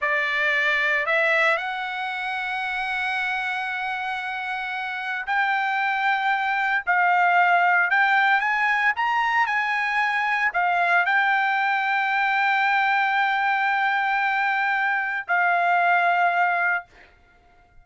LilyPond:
\new Staff \with { instrumentName = "trumpet" } { \time 4/4 \tempo 4 = 114 d''2 e''4 fis''4~ | fis''1~ | fis''2 g''2~ | g''4 f''2 g''4 |
gis''4 ais''4 gis''2 | f''4 g''2.~ | g''1~ | g''4 f''2. | }